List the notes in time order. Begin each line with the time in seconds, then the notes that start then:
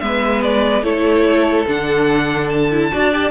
0.00 G#3 B3 B4 E5
0.42 D5
0.82 A3 E4 A4 C#5
1.67 D3 D4 F#5
2.49 A5
2.71 E4
2.92 D4 F#4 D5
3.12 G4